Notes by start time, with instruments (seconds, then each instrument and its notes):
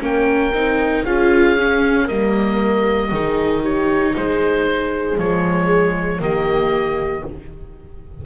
0.00 double bass A#3, viola C#4, horn A#4, oboe G5
0.52 double bass C4, viola D#4
1.05 double bass C#4, viola F4, horn G#4, oboe F5
1.58 viola C#4
2.05 double bass G3, viola A#3, horn A#4, oboe D#5
3.11 double bass D#3, viola D#4, horn G#4
3.62 horn G4, oboe C#5
4.15 double bass G#3, horn G#4, oboe C5
5.18 double bass F3, viola G#3, oboe C#5
6.20 double bass D#3, viola A#3, horn G4, oboe D#5